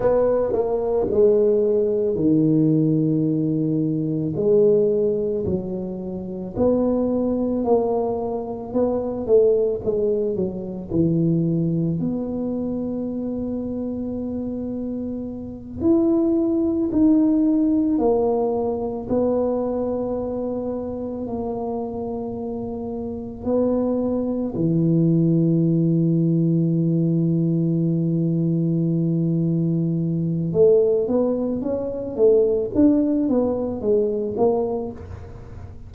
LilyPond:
\new Staff \with { instrumentName = "tuba" } { \time 4/4 \tempo 4 = 55 b8 ais8 gis4 dis2 | gis4 fis4 b4 ais4 | b8 a8 gis8 fis8 e4 b4~ | b2~ b8 e'4 dis'8~ |
dis'8 ais4 b2 ais8~ | ais4. b4 e4.~ | e1 | a8 b8 cis'8 a8 d'8 b8 gis8 ais8 | }